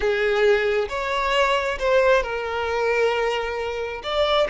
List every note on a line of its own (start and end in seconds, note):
0.00 0.88 G#4
0.89 1.78 C#5
1.79 2.23 C5
2.23 4.02 A#4
4.03 4.47 D5